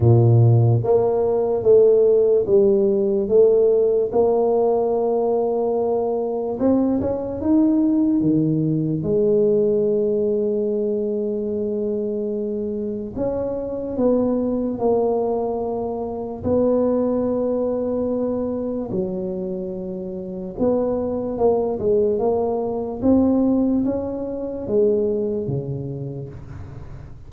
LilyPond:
\new Staff \with { instrumentName = "tuba" } { \time 4/4 \tempo 4 = 73 ais,4 ais4 a4 g4 | a4 ais2. | c'8 cis'8 dis'4 dis4 gis4~ | gis1 |
cis'4 b4 ais2 | b2. fis4~ | fis4 b4 ais8 gis8 ais4 | c'4 cis'4 gis4 cis4 | }